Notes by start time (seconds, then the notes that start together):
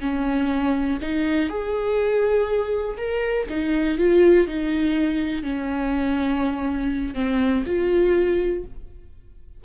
0.00 C#4
1.01 D#4
1.49 G#4
2.97 A#4
3.49 D#4
3.98 F4
4.47 D#4
5.43 C#4
7.14 C4
7.66 F4